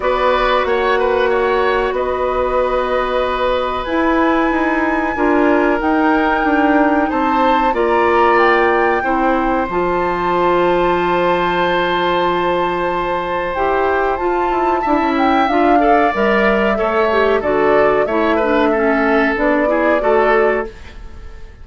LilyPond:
<<
  \new Staff \with { instrumentName = "flute" } { \time 4/4 \tempo 4 = 93 d''4 fis''2 dis''4~ | dis''2 gis''2~ | gis''4 g''2 a''4 | ais''4 g''2 a''4~ |
a''1~ | a''4 g''4 a''4. g''8 | f''4 e''2 d''4 | e''2 d''2 | }
  \new Staff \with { instrumentName = "oboe" } { \time 4/4 b'4 cis''8 b'8 cis''4 b'4~ | b'1 | ais'2. c''4 | d''2 c''2~ |
c''1~ | c''2. e''4~ | e''8 d''4. cis''4 a'4 | cis''8 b'8 a'4. gis'8 a'4 | }
  \new Staff \with { instrumentName = "clarinet" } { \time 4/4 fis'1~ | fis'2 e'2 | f'4 dis'2. | f'2 e'4 f'4~ |
f'1~ | f'4 g'4 f'4 e'4 | f'8 a'8 ais'4 a'8 g'8 fis'4 | e'8 d'8 cis'4 d'8 e'8 fis'4 | }
  \new Staff \with { instrumentName = "bassoon" } { \time 4/4 b4 ais2 b4~ | b2 e'4 dis'4 | d'4 dis'4 d'4 c'4 | ais2 c'4 f4~ |
f1~ | f4 e'4 f'8 e'8 d'16 cis'8. | d'4 g4 a4 d4 | a2 b4 a4 | }
>>